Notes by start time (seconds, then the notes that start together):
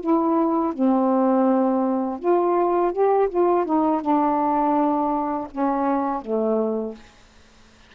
0.00 E4
0.73 C4
2.19 F4
2.92 G4
3.29 F4
3.65 D#4
4.01 D4
5.51 C#4
6.21 A3